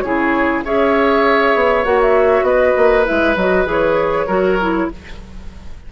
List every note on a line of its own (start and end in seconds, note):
0.00 0.65 C#3
0.00 0.65 E4
0.00 0.65 G#4
0.00 0.61 C#5
0.65 1.55 C#4
0.65 1.85 G#4
0.65 2.46 C#5
0.65 1.85 E5
1.55 1.85 B3
1.85 2.42 A#3
1.85 3.05 F#4
1.85 2.00 F#5
2.01 2.44 E5
2.42 2.73 B3
2.42 4.27 B4
2.42 3.05 D#5
2.77 3.07 A#3
3.05 3.36 G#3
3.05 3.35 E4
3.05 3.37 E5
3.36 3.66 F#3
3.36 3.66 F#4
3.36 3.67 D#5
3.66 4.26 E3
3.66 4.26 G#4
3.66 4.92 C#5
4.27 4.89 F#3
4.27 4.58 F#4
4.27 4.87 A#4
4.61 4.91 E4